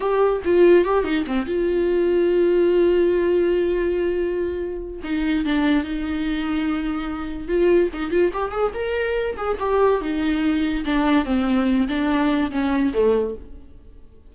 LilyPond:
\new Staff \with { instrumentName = "viola" } { \time 4/4 \tempo 4 = 144 g'4 f'4 g'8 dis'8 c'8 f'8~ | f'1~ | f'1 | dis'4 d'4 dis'2~ |
dis'2 f'4 dis'8 f'8 | g'8 gis'8 ais'4. gis'8 g'4 | dis'2 d'4 c'4~ | c'8 d'4. cis'4 a4 | }